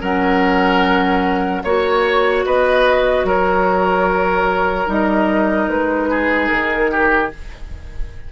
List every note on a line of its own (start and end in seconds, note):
0.00 1.63 F#3
0.00 1.64 C#4
0.00 1.62 A#4
0.00 1.63 F#5
1.63 2.45 A#3
1.63 4.86 F#4
1.63 2.44 C#5
1.63 2.45 C#5
2.45 3.24 B3
2.45 3.26 B4
2.45 3.26 D#5
3.24 4.86 F#3
3.24 6.09 A#4
3.24 4.89 C#5
4.86 5.68 G3
4.86 7.29 D#4
4.86 5.69 D#5
5.69 6.50 G#3
5.69 6.47 B4
6.09 6.91 G#4
6.47 7.32 D#3
6.47 7.28 A#4
6.91 7.31 G4